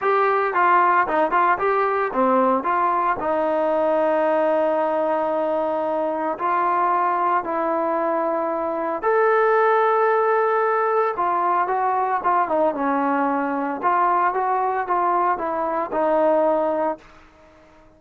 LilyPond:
\new Staff \with { instrumentName = "trombone" } { \time 4/4 \tempo 4 = 113 g'4 f'4 dis'8 f'8 g'4 | c'4 f'4 dis'2~ | dis'1 | f'2 e'2~ |
e'4 a'2.~ | a'4 f'4 fis'4 f'8 dis'8 | cis'2 f'4 fis'4 | f'4 e'4 dis'2 | }